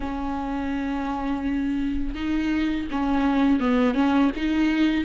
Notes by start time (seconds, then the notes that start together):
0.00 C#4
2.14 D#4
2.91 C#4
3.59 B3
3.94 C#4
4.35 D#4